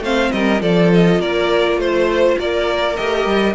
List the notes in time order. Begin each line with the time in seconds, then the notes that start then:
0.00 A3 C4 C5 F5
0.31 G3 A#4 D#5
0.59 F3 F4 A4 D5
0.94 D#5
1.19 A#3 A#4 D5
1.77 A3 C5
2.38 A#3 A#4 D5
2.96 A3 G4 D#5
3.26 G3